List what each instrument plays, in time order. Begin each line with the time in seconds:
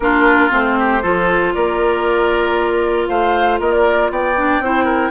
0.00 bassoon A#3, clarinet D4, oboe F4, flute A#4
0.49 bassoon A3, clarinet C4, flute C5
0.78 oboe G4
1.02 bassoon F3, clarinet F4, oboe A4
1.53 bassoon A#3, oboe A#4, flute D5
3.07 bassoon A3, oboe C5, flute F5
3.59 bassoon A#3, oboe A#4, flute D#5
3.72 flute D5
4.10 bassoon B3, oboe D5, flute G5
4.36 clarinet D4
4.59 bassoon C4, clarinet E4, oboe C5
4.84 oboe A#4